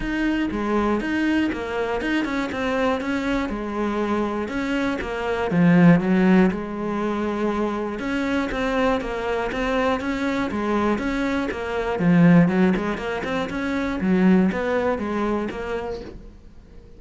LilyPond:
\new Staff \with { instrumentName = "cello" } { \time 4/4 \tempo 4 = 120 dis'4 gis4 dis'4 ais4 | dis'8 cis'8 c'4 cis'4 gis4~ | gis4 cis'4 ais4 f4 | fis4 gis2. |
cis'4 c'4 ais4 c'4 | cis'4 gis4 cis'4 ais4 | f4 fis8 gis8 ais8 c'8 cis'4 | fis4 b4 gis4 ais4 | }